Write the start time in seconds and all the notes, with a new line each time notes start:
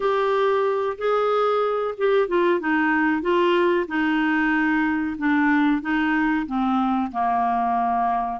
0.00 G4
0.97 G#4
1.97 G4
2.28 F4
2.60 D#4
3.21 F4
3.87 D#4
5.18 D4
5.81 D#4
6.46 C4
7.11 A#3